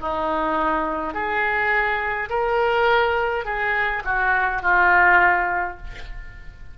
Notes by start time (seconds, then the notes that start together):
0.00 D#4
1.13 G#4
2.29 A#4
3.45 G#4
4.04 F#4
4.62 F4